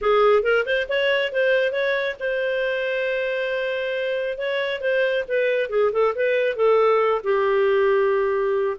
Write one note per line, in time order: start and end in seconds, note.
0.01 0.42 G#4
0.42 0.64 A#4
0.65 0.87 C5
0.88 1.32 C#5
1.32 1.72 C5
1.72 2.16 C#5
2.19 4.38 C5
4.38 4.80 C#5
4.80 5.24 C5
5.28 5.69 B4
5.69 5.91 G#4
5.92 6.14 A4
6.15 6.56 B4
6.56 7.21 A4
7.23 8.77 G4